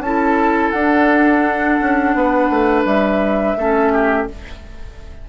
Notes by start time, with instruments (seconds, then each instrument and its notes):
0.00 bassoon C#4, clarinet E4, oboe A4, flute A5
0.71 bassoon D4, clarinet D4, flute F#5
1.81 bassoon C#4
2.15 bassoon B3, oboe B4
2.50 bassoon A3
2.85 bassoon G3, flute E5
3.57 bassoon A3, clarinet C#4, oboe A4
3.93 oboe G4